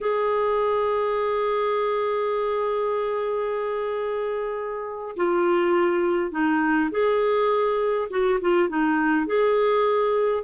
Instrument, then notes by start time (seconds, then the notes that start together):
clarinet
0.00 G#4
5.16 F4
6.31 D#4
6.90 G#4
8.10 F#4
8.40 F4
8.68 D#4
9.26 G#4